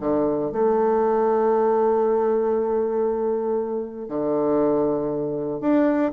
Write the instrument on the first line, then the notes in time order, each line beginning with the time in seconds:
bassoon
0.00 D3
0.52 A3
4.08 D3
5.60 D4